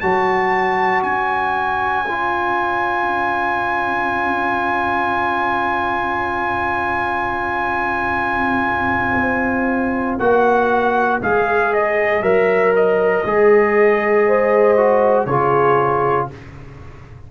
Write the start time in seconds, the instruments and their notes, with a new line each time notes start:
0.00 tuba F#3, trombone F#4, horn C#5, trumpet A5
1.02 tuba C#4, trumpet G#5
2.07 trombone F4
9.16 tuba C4
10.18 tuba A#3, trombone F#4, trumpet F#5
11.21 tuba G#3, trombone G#4, trumpet F5
11.73 trumpet D#5
12.21 tuba F#3, trombone A#4, trumpet E5
12.75 trumpet D#5
13.25 tuba G#3, trombone G#4
14.27 horn C5
14.77 trombone F#4
15.25 tuba C#3, trombone F4, horn G#4, trumpet C#5